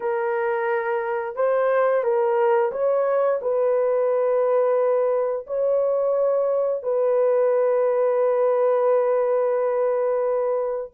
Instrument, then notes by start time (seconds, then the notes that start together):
horn
0.00 A#4
1.35 C5
2.03 A#4
2.71 C#5
3.41 B4
5.46 C#5
6.82 B4